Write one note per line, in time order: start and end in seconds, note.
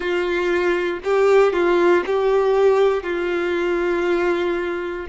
0.00 0.99 F4
1.04 1.53 G4
1.53 2.03 F4
2.06 3.03 G4
3.03 5.06 F4